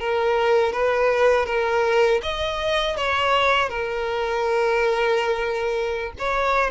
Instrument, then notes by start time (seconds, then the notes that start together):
violin
0.00 A#4
0.73 B4
1.46 A#4
2.23 D#5
2.97 C#5
3.69 A#4
6.19 C#5